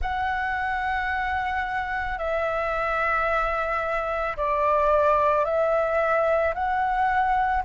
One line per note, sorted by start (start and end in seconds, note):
0.01 2.18 F#5
2.18 4.36 E5
4.36 5.44 D5
5.44 6.54 E5
6.54 7.63 F#5